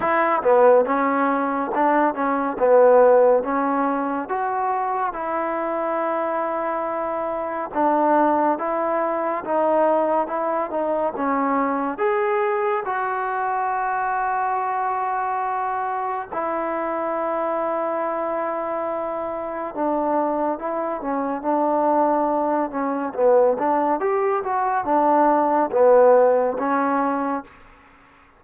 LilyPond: \new Staff \with { instrumentName = "trombone" } { \time 4/4 \tempo 4 = 70 e'8 b8 cis'4 d'8 cis'8 b4 | cis'4 fis'4 e'2~ | e'4 d'4 e'4 dis'4 | e'8 dis'8 cis'4 gis'4 fis'4~ |
fis'2. e'4~ | e'2. d'4 | e'8 cis'8 d'4. cis'8 b8 d'8 | g'8 fis'8 d'4 b4 cis'4 | }